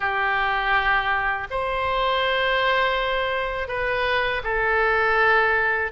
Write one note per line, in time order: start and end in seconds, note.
0.00 1.47 G4
1.50 3.68 C5
3.68 4.42 B4
4.43 5.91 A4